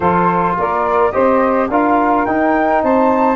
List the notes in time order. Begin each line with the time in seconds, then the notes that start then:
0.00 F3 F4 A4 C5
0.58 A#3 A#4 D5
1.11 C4 G4 C5 D#5
1.69 D4 F4 A#4 F5
2.25 D#4 G5
2.82 C4 C5 A5